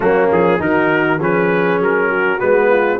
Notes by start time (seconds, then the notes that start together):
0.00 F#3 A#3 C#4 F#4
0.31 F3 G#4
0.58 D#3 D#4 F#4 A#4
1.19 F3 C#4 G#4 B4
1.79 F#3 A#4
2.10 F#4
2.39 G#3 B3 B4
2.69 F4